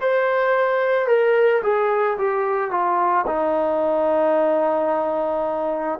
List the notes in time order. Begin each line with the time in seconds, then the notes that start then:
0.00 C5
1.07 A#4
1.63 G#4
2.18 G4
2.71 F4
3.27 D#4